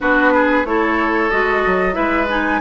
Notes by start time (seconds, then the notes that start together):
0.00 B3 D4 F#4 B4
0.34 G#4
0.65 A3 E4 A4 C#5
1.30 G#3 F#4 D#5
1.66 F#3
1.93 G#3 E4 B4 E5
2.29 D#4 G#5